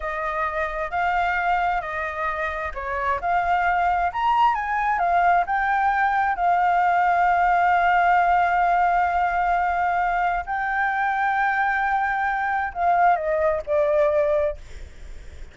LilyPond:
\new Staff \with { instrumentName = "flute" } { \time 4/4 \tempo 4 = 132 dis''2 f''2 | dis''2 cis''4 f''4~ | f''4 ais''4 gis''4 f''4 | g''2 f''2~ |
f''1~ | f''2. g''4~ | g''1 | f''4 dis''4 d''2 | }